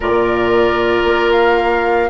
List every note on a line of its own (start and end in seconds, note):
0.00 1.03 A#2
0.00 2.09 F4
0.00 2.09 A#4
0.00 1.31 D5
1.04 2.09 A#3
1.31 2.09 F5